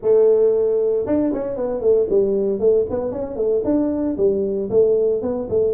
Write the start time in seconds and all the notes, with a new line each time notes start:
0.01 A3
1.06 D4
1.33 C#4
1.56 B3
1.80 A3
2.09 G3
2.59 A3
2.90 B3
3.11 C#4
3.35 A3
3.64 D4
4.17 G3
4.70 A3
5.22 B3
5.49 A3